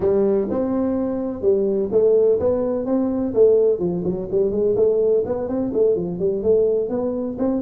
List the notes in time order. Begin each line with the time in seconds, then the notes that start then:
0.00 G3
0.49 C4
1.41 G3
1.91 A3
2.39 B3
2.85 C4
3.34 A3
3.79 F3
4.04 F#3
4.31 G3
4.51 G#3
4.76 A3
5.25 B3
5.48 C4
5.73 A3
5.95 F3
6.19 G3
6.42 A3
6.89 B3
7.38 C4